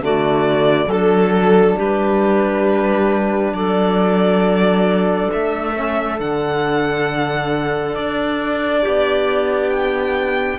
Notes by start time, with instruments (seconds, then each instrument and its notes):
0.00 cello D3, trombone A3, clarinet F#4, violin D5
0.85 cello F#3, trombone D4, clarinet A4, violin A4
1.76 cello G3, clarinet G4, violin B4
3.52 cello F#3, clarinet A4, violin D5
5.32 cello A3, violin E5
5.75 trombone C#4
6.18 cello D3, trombone D4, violin F#5
7.95 cello D4, violin D5
8.82 cello B3, clarinet G4
9.70 violin G5